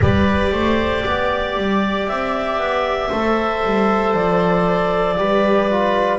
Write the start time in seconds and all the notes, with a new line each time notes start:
0.00 G3 G4 B4 D5
0.51 A3 C5
1.05 B3 D5
1.56 G3
2.07 C4 E5
2.57 B3
3.08 A3 A4 C5
3.63 G3
4.14 F3 D5
5.16 G3 G4 B4
5.68 F4